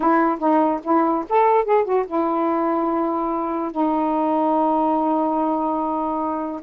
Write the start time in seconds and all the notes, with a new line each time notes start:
0.00 E4
0.39 D#4
0.83 E4
1.29 A4
1.64 G#4
1.84 F#4
2.07 E4
3.71 D#4